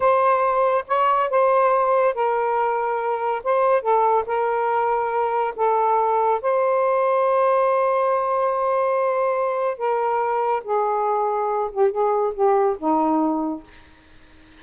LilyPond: \new Staff \with { instrumentName = "saxophone" } { \time 4/4 \tempo 4 = 141 c''2 cis''4 c''4~ | c''4 ais'2. | c''4 a'4 ais'2~ | ais'4 a'2 c''4~ |
c''1~ | c''2. ais'4~ | ais'4 gis'2~ gis'8 g'8 | gis'4 g'4 dis'2 | }